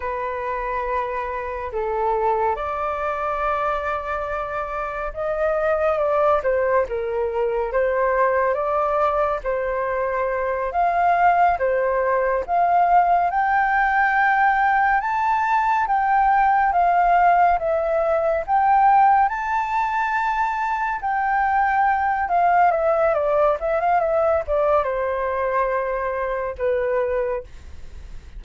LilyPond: \new Staff \with { instrumentName = "flute" } { \time 4/4 \tempo 4 = 70 b'2 a'4 d''4~ | d''2 dis''4 d''8 c''8 | ais'4 c''4 d''4 c''4~ | c''8 f''4 c''4 f''4 g''8~ |
g''4. a''4 g''4 f''8~ | f''8 e''4 g''4 a''4.~ | a''8 g''4. f''8 e''8 d''8 e''16 f''16 | e''8 d''8 c''2 b'4 | }